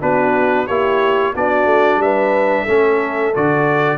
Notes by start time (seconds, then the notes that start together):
0.00 B3 D4 F#4 B4
0.67 A#3 E4 G4 C#5
1.34 B3 D4 F#4 D5
1.66 A3
1.97 G3 B4 E5
2.63 A3 C#4 A4
3.33 D3 F#4 D5